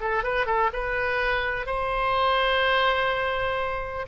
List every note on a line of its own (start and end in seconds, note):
0.00 0.24 A4
0.24 0.46 B4
0.46 0.70 A4
0.73 1.66 B4
1.66 4.06 C5